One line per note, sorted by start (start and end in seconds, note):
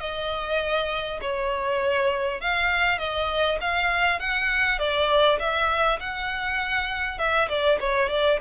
0.00 1.20 D#5
1.21 2.41 C#5
2.41 2.98 F5
2.98 3.58 D#5
3.61 4.19 F5
4.19 4.79 F#5
4.79 5.39 D5
5.39 5.99 E5
6.00 7.18 F#5
7.18 7.48 E5
7.49 7.79 D5
7.80 8.09 C#5
8.09 8.39 D5